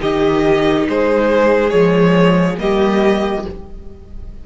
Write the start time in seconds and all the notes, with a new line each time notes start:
0.00 D#3 D#4 G4 D#5
0.89 G#3 G#4 C5
1.70 F3 G#3 C#5
2.58 G3 A#3 G4 D#5